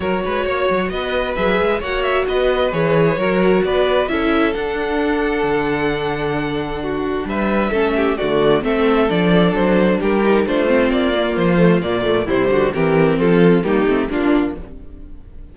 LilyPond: <<
  \new Staff \with { instrumentName = "violin" } { \time 4/4 \tempo 4 = 132 cis''2 dis''4 e''4 | fis''8 e''8 dis''4 cis''2 | d''4 e''4 fis''2~ | fis''1 |
e''2 d''4 e''4 | d''4 c''4 ais'4 c''4 | d''4 c''4 d''4 c''4 | ais'4 a'4 g'4 f'4 | }
  \new Staff \with { instrumentName = "violin" } { \time 4/4 ais'8 b'8 cis''4 b'2 | cis''4 b'2 ais'4 | b'4 a'2.~ | a'2. fis'4 |
b'4 a'8 g'8 fis'4 a'4~ | a'2 g'4 f'4~ | f'2. e'8 fis'8 | g'4 f'4 dis'4 d'4 | }
  \new Staff \with { instrumentName = "viola" } { \time 4/4 fis'2. gis'4 | fis'2 gis'4 fis'4~ | fis'4 e'4 d'2~ | d'1~ |
d'4 cis'4 a4 c'4 | d'2~ d'8 dis'8 d'8 c'8~ | c'8 ais4 a8 ais8 a8 g4 | c'2 ais8 c'8 d'4 | }
  \new Staff \with { instrumentName = "cello" } { \time 4/4 fis8 gis8 ais8 fis8 b4 fis8 gis8 | ais4 b4 e4 fis4 | b4 cis'4 d'2 | d1 |
g4 a4 d4 a4 | f4 fis4 g4 a4 | ais4 f4 ais,4 c8 d8 | e4 f4 g8 a8 ais4 | }
>>